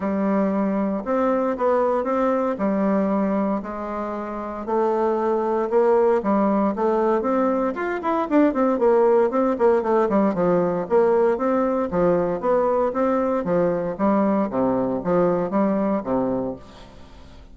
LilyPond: \new Staff \with { instrumentName = "bassoon" } { \time 4/4 \tempo 4 = 116 g2 c'4 b4 | c'4 g2 gis4~ | gis4 a2 ais4 | g4 a4 c'4 f'8 e'8 |
d'8 c'8 ais4 c'8 ais8 a8 g8 | f4 ais4 c'4 f4 | b4 c'4 f4 g4 | c4 f4 g4 c4 | }